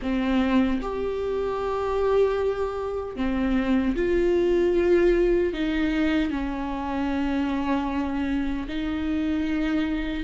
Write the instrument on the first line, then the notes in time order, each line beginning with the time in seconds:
viola
0.02 C4
0.81 G4
3.16 C4
3.95 F4
5.53 D#4
6.30 C#4
8.68 D#4